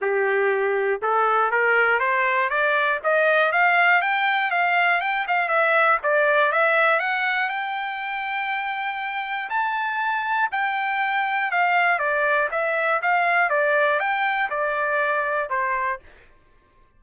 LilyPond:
\new Staff \with { instrumentName = "trumpet" } { \time 4/4 \tempo 4 = 120 g'2 a'4 ais'4 | c''4 d''4 dis''4 f''4 | g''4 f''4 g''8 f''8 e''4 | d''4 e''4 fis''4 g''4~ |
g''2. a''4~ | a''4 g''2 f''4 | d''4 e''4 f''4 d''4 | g''4 d''2 c''4 | }